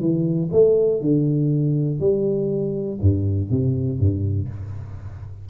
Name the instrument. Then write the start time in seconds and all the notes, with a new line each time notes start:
tuba
0.00 E3
0.52 A3
1.01 D3
2.00 G3
3.01 G2
3.50 C3
3.99 G2